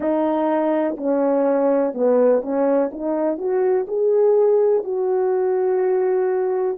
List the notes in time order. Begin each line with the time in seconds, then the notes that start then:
0.00 D#4
0.97 C#4
1.94 B3
2.41 C#4
2.92 D#4
3.37 F#4
3.87 G#4
4.83 F#4